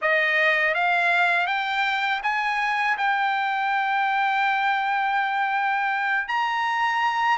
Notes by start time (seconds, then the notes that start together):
0.01 D#5
0.74 F5
1.46 G5
2.23 G#5
2.97 G5
6.28 A#5